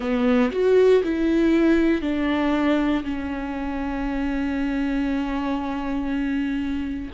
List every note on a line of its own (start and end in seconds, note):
0.00 0.50 B3
0.51 1.02 F#4
1.03 2.01 E4
2.01 3.03 D4
3.04 7.10 C#4